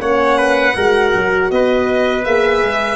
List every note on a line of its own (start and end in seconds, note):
0.00 0.75 A#3
0.00 0.75 C#4
0.00 0.38 C#5
0.00 1.51 F#5
0.38 0.76 B4
0.76 1.15 G#3
0.76 2.26 F#4
0.76 1.51 A#4
1.15 1.51 F#3
1.51 2.26 B3
1.51 2.96 B4
1.51 2.25 D#5
2.25 2.63 A#3
2.25 2.96 G#4
2.25 2.96 E5
2.63 2.96 G#3